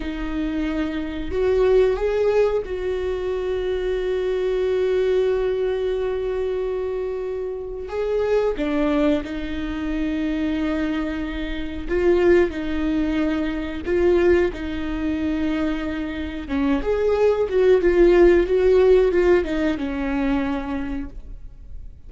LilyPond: \new Staff \with { instrumentName = "viola" } { \time 4/4 \tempo 4 = 91 dis'2 fis'4 gis'4 | fis'1~ | fis'1 | gis'4 d'4 dis'2~ |
dis'2 f'4 dis'4~ | dis'4 f'4 dis'2~ | dis'4 cis'8 gis'4 fis'8 f'4 | fis'4 f'8 dis'8 cis'2 | }